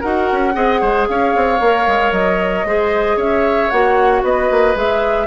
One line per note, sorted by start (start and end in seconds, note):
0.00 0.30 D#4
0.00 0.53 F#4
0.00 0.53 A#4
0.00 1.07 F#5
0.32 0.56 C#4
0.53 0.81 C4
0.53 1.59 G#4
0.53 0.81 D#5
0.81 1.08 G#3
0.81 1.07 C5
1.07 1.35 C#4
1.07 2.67 C#5
1.07 2.12 F5
1.36 1.60 C4
1.60 1.86 A#3
1.60 2.66 A#4
1.87 2.11 G#3
2.11 2.64 F#3
2.11 3.18 D#5
2.64 3.16 G#3
2.64 3.71 G#4
2.64 3.16 C5
3.16 3.69 C#4
3.16 4.21 C#5
3.16 3.70 E5
3.70 4.23 A#3
3.70 4.75 F#4
3.70 4.22 F#5
4.23 4.49 B3
4.23 5.27 B4
4.23 4.76 D#5
4.50 4.75 A#3
4.75 5.27 G#3
4.75 5.27 G#4
4.75 5.27 E5